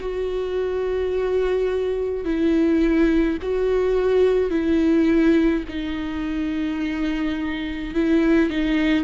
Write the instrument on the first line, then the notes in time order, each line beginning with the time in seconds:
viola
0.00 F#4
2.24 E4
3.42 F#4
4.50 E4
5.68 D#4
7.95 E4
8.50 D#4